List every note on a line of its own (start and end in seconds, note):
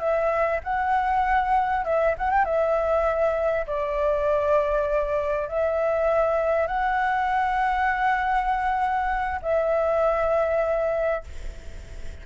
0.00 0.61 E5
0.64 1.85 F#5
1.85 2.15 E5
2.18 2.31 F#5
2.31 2.45 G5
2.45 3.67 E5
3.67 5.49 D5
5.49 6.68 E5
6.68 9.40 F#5
9.42 11.24 E5